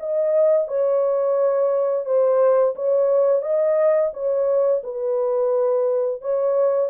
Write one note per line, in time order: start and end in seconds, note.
0.00 0.68 D#5
0.68 2.06 C#5
2.06 2.75 C5
2.76 3.42 C#5
3.42 4.11 D#5
4.13 4.82 C#5
4.84 6.22 B4
6.22 6.91 C#5